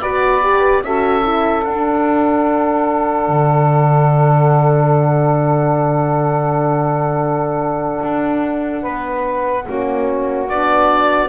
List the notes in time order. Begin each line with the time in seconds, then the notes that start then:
0.00 B3 F#4 B4 D5
0.42 G4
0.82 C#4 F#4 A4 E5
1.22 E4
1.64 D4 F#5
3.28 D3
8.03 D4
8.82 B3 B4
9.65 A#3 C#4 F#4
10.48 B3 D4 D5